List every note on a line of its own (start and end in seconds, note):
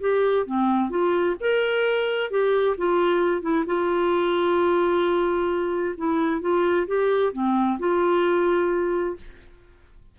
0.00 0.46 G4
0.46 0.90 C4
0.90 1.36 F4
1.40 2.30 A#4
2.30 2.76 G4
2.77 3.42 F4
3.42 3.65 E4
3.66 5.95 F4
5.97 6.41 E4
6.41 6.86 F4
6.87 7.32 G4
7.33 7.78 C4
7.79 9.16 F4